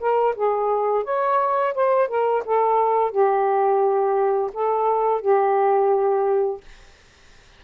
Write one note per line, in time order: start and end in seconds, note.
0.00 0.35 A#4
0.36 1.04 G#4
1.04 1.74 C#5
1.74 2.08 C5
2.08 2.43 A#4
2.45 3.11 A4
3.11 4.50 G4
4.53 5.21 A4
5.21 6.61 G4